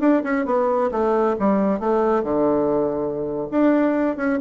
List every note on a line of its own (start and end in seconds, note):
0.00 0.23 D4
0.23 0.46 C#4
0.46 0.91 B3
0.91 1.36 A3
1.39 1.80 G3
1.80 2.23 A3
2.23 3.47 D3
3.51 4.17 D4
4.17 4.39 C#4